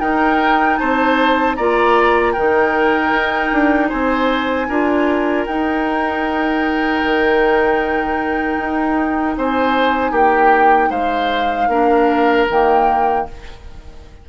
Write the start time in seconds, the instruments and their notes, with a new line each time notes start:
0.00 bassoon D#4, clarinet D#4, oboe A#4, flute G5
0.77 bassoon C4, oboe C5, flute A5
1.55 bassoon A#3, clarinet F4, oboe D5, flute A#5
2.32 bassoon D#3, clarinet D#4, oboe A#4, flute G5
3.11 bassoon D#4
3.52 bassoon D4
3.89 bassoon C4, oboe C5, flute G#5
4.68 bassoon D4, clarinet F4, oboe A#4
5.46 bassoon D#4, clarinet D#4, flute G5
7.04 bassoon D#3
8.58 bassoon D#4
9.37 bassoon C4, oboe C5, flute G#5
10.11 bassoon A#3, oboe G4, flute G5
10.90 bassoon G#3, oboe C5, flute F5
11.68 bassoon A#3, clarinet D4, oboe A#4
12.50 bassoon D#3, clarinet A#3, flute G5